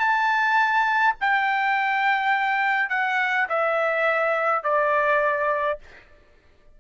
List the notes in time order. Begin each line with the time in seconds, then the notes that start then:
0.00 A5
1.21 G5
2.90 F#5
3.49 E5
4.64 D5